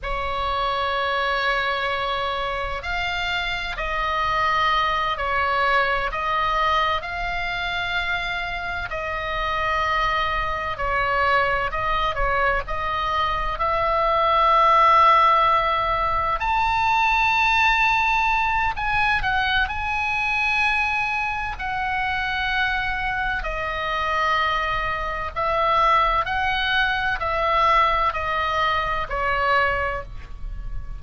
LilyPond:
\new Staff \with { instrumentName = "oboe" } { \time 4/4 \tempo 4 = 64 cis''2. f''4 | dis''4. cis''4 dis''4 f''8~ | f''4. dis''2 cis''8~ | cis''8 dis''8 cis''8 dis''4 e''4.~ |
e''4. a''2~ a''8 | gis''8 fis''8 gis''2 fis''4~ | fis''4 dis''2 e''4 | fis''4 e''4 dis''4 cis''4 | }